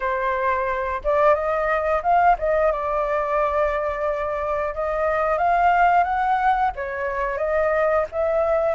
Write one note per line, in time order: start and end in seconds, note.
0.00 1.01 C5
1.04 1.34 D5
1.34 2.02 D#5
2.02 2.36 F5
2.38 2.72 D#5
2.72 4.74 D5
4.74 5.38 D#5
5.38 6.03 F5
6.03 6.71 F#5
6.75 7.37 C#5
7.37 8.05 D#5
8.11 8.75 E5